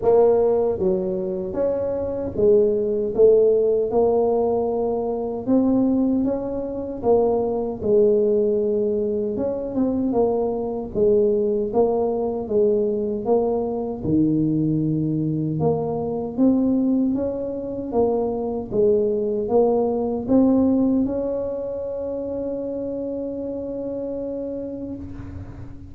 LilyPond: \new Staff \with { instrumentName = "tuba" } { \time 4/4 \tempo 4 = 77 ais4 fis4 cis'4 gis4 | a4 ais2 c'4 | cis'4 ais4 gis2 | cis'8 c'8 ais4 gis4 ais4 |
gis4 ais4 dis2 | ais4 c'4 cis'4 ais4 | gis4 ais4 c'4 cis'4~ | cis'1 | }